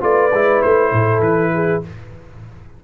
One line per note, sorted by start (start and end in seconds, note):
0.00 0.31 A3
0.00 0.30 F4
0.00 0.91 B4
0.00 0.62 D5
0.32 0.62 G#3
0.32 1.83 E4
0.62 0.92 A3
0.62 1.21 C5
0.92 1.19 A2
0.92 1.52 A4
1.19 1.79 E3
1.19 1.81 B4
1.54 1.84 G#4